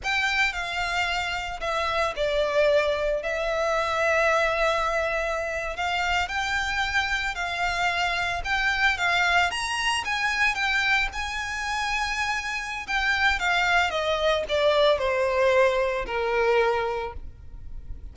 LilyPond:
\new Staff \with { instrumentName = "violin" } { \time 4/4 \tempo 4 = 112 g''4 f''2 e''4 | d''2 e''2~ | e''2~ e''8. f''4 g''16~ | g''4.~ g''16 f''2 g''16~ |
g''8. f''4 ais''4 gis''4 g''16~ | g''8. gis''2.~ gis''16 | g''4 f''4 dis''4 d''4 | c''2 ais'2 | }